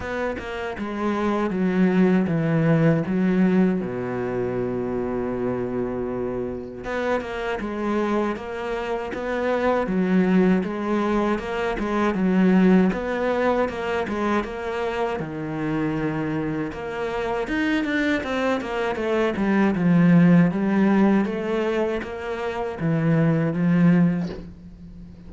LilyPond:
\new Staff \with { instrumentName = "cello" } { \time 4/4 \tempo 4 = 79 b8 ais8 gis4 fis4 e4 | fis4 b,2.~ | b,4 b8 ais8 gis4 ais4 | b4 fis4 gis4 ais8 gis8 |
fis4 b4 ais8 gis8 ais4 | dis2 ais4 dis'8 d'8 | c'8 ais8 a8 g8 f4 g4 | a4 ais4 e4 f4 | }